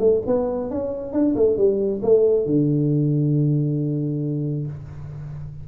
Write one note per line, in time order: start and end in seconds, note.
0.00 0.22 A3
0.27 0.71 B3
0.71 1.13 C#4
1.13 1.35 D4
1.36 1.58 A3
1.58 2.02 G3
2.03 2.46 A3
2.46 4.67 D3